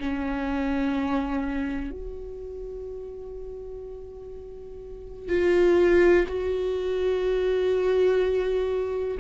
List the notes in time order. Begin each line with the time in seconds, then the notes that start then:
0.00 C#4
1.91 F#4
5.29 F4
6.28 F#4